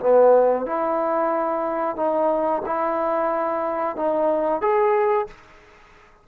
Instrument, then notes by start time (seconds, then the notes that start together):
trombone
0.00 B3
0.66 E4
1.97 D#4
2.66 E4
3.97 D#4
4.62 G#4